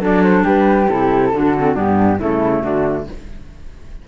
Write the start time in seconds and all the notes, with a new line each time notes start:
0.00 F#3 D4 A4 D5
0.22 C5
0.44 G3 G4 B4
0.89 C3 E4 A4
1.33 D3 D4 F#4
1.57 C4
1.74 G2 B3 D4 G4
2.19 C#3 A3 E4 A4
2.62 D3 D4 F#4